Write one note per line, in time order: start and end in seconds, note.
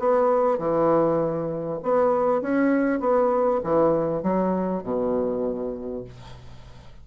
0.00 0.59 B3
0.59 1.80 E3
1.83 2.42 B3
2.42 3.01 C#4
3.01 3.61 B3
3.64 4.23 E3
4.23 4.83 F#3
4.83 6.05 B2